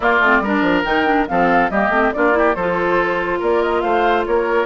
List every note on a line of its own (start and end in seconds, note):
0.00 0.20 A#3
0.00 0.23 A#3
0.00 0.42 F4
0.00 0.83 D5
0.20 0.40 A3
0.20 0.45 C4
0.40 0.61 G3
0.40 0.85 D4
0.40 1.28 A#4
0.61 0.83 F3
0.83 1.27 D#3
0.83 1.05 D#4
0.83 1.26 G5
1.05 1.26 D4
1.27 1.70 F3
1.27 1.71 C4
1.27 1.71 A4
1.27 1.69 F5
1.69 1.89 G3
1.69 1.92 A#3
1.69 2.13 G4
1.69 2.12 D#5
1.89 2.10 A3
1.89 2.13 C4
2.12 2.55 A#3
2.12 2.32 D4
2.12 2.37 F4
2.12 2.55 D5
2.32 2.53 E4
2.32 2.55 G4
2.55 3.40 F3
2.55 4.66 F4
2.55 3.39 A4
2.55 3.40 C5
3.39 3.83 A#3
3.39 3.81 A#4
3.39 3.62 D5
3.62 3.81 D#5
3.81 4.26 A3
3.81 4.25 C5
3.81 4.23 F5
4.26 4.66 A#3
4.26 4.66 A#4
4.26 4.66 C#5